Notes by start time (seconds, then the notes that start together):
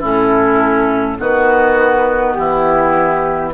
0.00 A2 C#4 E4 A4
1.18 D#3 B3 F#4 B4
2.34 E3 E4 G4